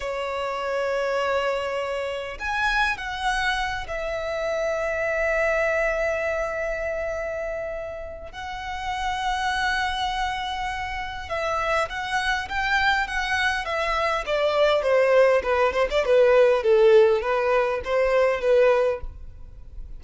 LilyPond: \new Staff \with { instrumentName = "violin" } { \time 4/4 \tempo 4 = 101 cis''1 | gis''4 fis''4. e''4.~ | e''1~ | e''2 fis''2~ |
fis''2. e''4 | fis''4 g''4 fis''4 e''4 | d''4 c''4 b'8 c''16 d''16 b'4 | a'4 b'4 c''4 b'4 | }